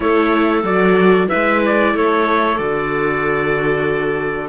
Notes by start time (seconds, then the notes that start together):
0.00 A3 E4 A4 C#5
0.63 F#3 F#4 D5
1.27 E4 B4 E5
1.34 G#3
1.65 D5
1.94 A3 A4 C#5
2.57 D3 F#4 D5